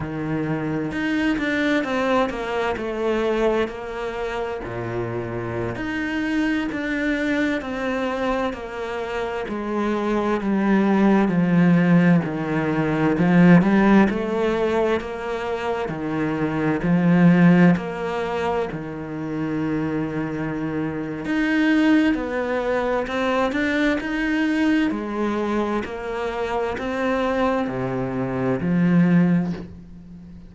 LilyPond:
\new Staff \with { instrumentName = "cello" } { \time 4/4 \tempo 4 = 65 dis4 dis'8 d'8 c'8 ais8 a4 | ais4 ais,4~ ais,16 dis'4 d'8.~ | d'16 c'4 ais4 gis4 g8.~ | g16 f4 dis4 f8 g8 a8.~ |
a16 ais4 dis4 f4 ais8.~ | ais16 dis2~ dis8. dis'4 | b4 c'8 d'8 dis'4 gis4 | ais4 c'4 c4 f4 | }